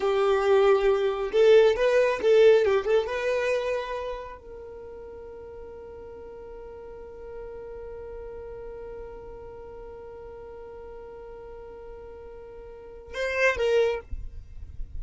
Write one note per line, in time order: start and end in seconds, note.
0.00 1.31 G4
1.31 1.75 A4
1.76 2.20 B4
2.22 2.64 A4
2.64 2.85 G4
2.85 3.06 A4
3.06 4.38 B4
4.38 13.14 A#4
13.14 13.56 C5
13.56 14.00 A#4